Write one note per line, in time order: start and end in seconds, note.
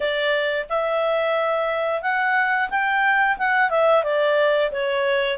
0.00 0.66 D5
0.69 2.02 E5
2.02 2.69 F#5
2.70 3.37 G5
3.38 3.70 F#5
3.70 4.03 E5
4.03 4.71 D5
4.71 5.38 C#5